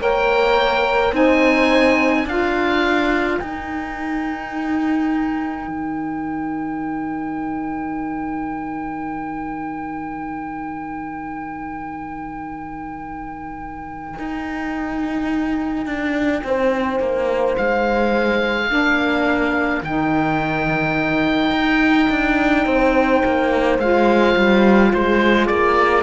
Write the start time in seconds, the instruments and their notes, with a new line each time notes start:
0.00 cello A#3, saxophone A#4, horn C#5, oboe G5
1.12 cello C4, saxophone D#4, horn C5, oboe G#5
2.25 cello D4, saxophone F4, horn A#4, oboe F5
3.39 cello D#4, saxophone D#4, oboe G5
5.68 cello D#3
14.19 cello D#4
15.86 cello D4
16.44 cello C4, horn C5
17.00 cello A#3
17.57 cello G#3, oboe F5
18.69 cello A#3, saxophone D4, horn A#4
19.81 cello D#3, saxophone D#4, oboe G5
21.51 cello D#4
22.10 cello D4
22.65 cello C4, horn C5
23.25 cello A#3
23.79 cello G#3, saxophone F4, oboe F5
24.36 cello G3
24.93 cello G#3, horn G#4, oboe C5
25.47 cello A#3, oboe D5